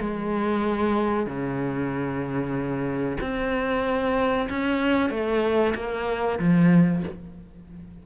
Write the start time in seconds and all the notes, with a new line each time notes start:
0.00 G#3
1.26 C#3
3.21 C4
4.50 C#4
5.10 A3
5.75 A#3
6.39 F3